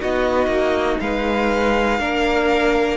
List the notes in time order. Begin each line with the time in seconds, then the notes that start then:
0.00 B3 D#4 F#4 D#5
0.47 A#3
1.00 G#3 B4 F5
1.99 A#3 D4 A#4